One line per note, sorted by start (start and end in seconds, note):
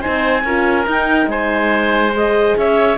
0.00 0.43 D#4
0.00 0.43 C5
0.00 0.87 G#5
0.07 0.44 C4
0.44 0.86 C#4
0.44 0.85 F4
0.44 1.30 A#4
0.85 2.13 D#4
0.85 1.26 D#4
0.85 1.29 G5
1.26 2.54 G#3
1.26 2.58 C5
1.26 2.14 G#5
2.13 2.98 G#4
2.13 2.58 D#5
2.57 2.98 C#4
2.57 2.98 C#5
2.57 2.98 E5